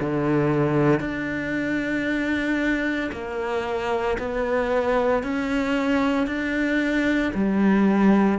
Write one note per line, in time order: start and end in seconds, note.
0.00 1.00 D3
1.00 3.10 D4
3.12 4.17 A#3
4.18 5.23 B3
5.23 6.26 C#4
6.26 7.32 D4
7.34 8.38 G3